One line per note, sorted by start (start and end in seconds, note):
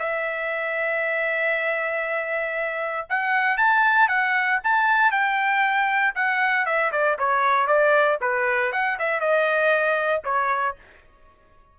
0.00 3.08 E5
3.10 3.58 F#5
3.58 4.09 A5
4.09 4.60 F#5
4.64 5.12 A5
5.12 6.14 G5
6.16 6.66 F#5
6.66 6.92 E5
6.92 7.18 D5
7.19 7.67 C#5
7.67 8.19 D5
8.22 8.73 B4
8.73 8.98 F#5
9.00 9.21 E5
9.21 10.23 D#5
10.25 10.76 C#5